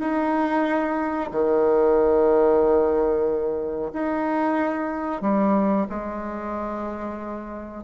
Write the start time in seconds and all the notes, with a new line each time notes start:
0.00 D#4
1.31 D#3
3.93 D#4
5.22 G3
5.89 G#3